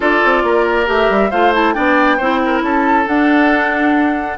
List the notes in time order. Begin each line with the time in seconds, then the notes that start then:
0.00 D4 F4 A4 D5
0.24 C4
0.43 A#3 A#4
0.86 A3 G4 E5
1.09 G3
1.30 A3 F4 C5 F5
1.53 E4 A5
1.73 B3 D4 D5 G5
2.17 C4 E4 C5
2.45 A#4
2.62 C#4 A4 A5
3.05 D4 F#5